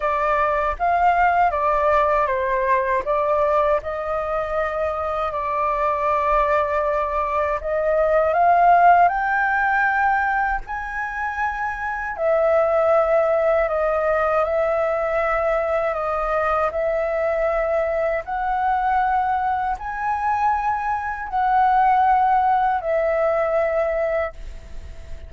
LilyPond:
\new Staff \with { instrumentName = "flute" } { \time 4/4 \tempo 4 = 79 d''4 f''4 d''4 c''4 | d''4 dis''2 d''4~ | d''2 dis''4 f''4 | g''2 gis''2 |
e''2 dis''4 e''4~ | e''4 dis''4 e''2 | fis''2 gis''2 | fis''2 e''2 | }